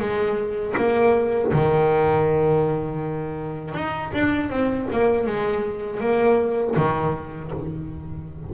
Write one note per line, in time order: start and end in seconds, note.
0.00 0.75 G#3
0.77 1.52 A#3
1.53 3.74 D#3
3.74 4.12 D#4
4.14 4.50 D4
4.50 4.88 C4
4.92 5.27 A#3
5.27 6.00 G#3
6.00 6.75 A#3
6.77 7.52 D#3